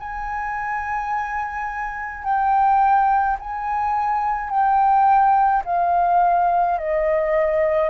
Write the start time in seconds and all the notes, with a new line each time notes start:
0.00 G#5
2.24 G5
3.40 G#5
4.50 G5
5.65 F5
6.79 D#5